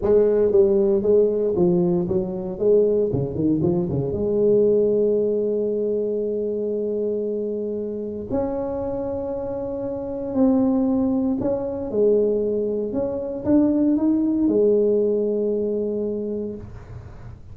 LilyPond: \new Staff \with { instrumentName = "tuba" } { \time 4/4 \tempo 4 = 116 gis4 g4 gis4 f4 | fis4 gis4 cis8 dis8 f8 cis8 | gis1~ | gis1 |
cis'1 | c'2 cis'4 gis4~ | gis4 cis'4 d'4 dis'4 | gis1 | }